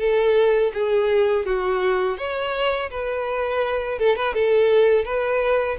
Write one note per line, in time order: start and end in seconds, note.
0.00 0.72 A4
0.74 1.46 G#4
1.46 2.18 F#4
2.18 2.90 C#5
2.90 3.99 B4
3.99 4.16 A4
4.16 4.34 B4
4.34 5.05 A4
5.05 5.77 B4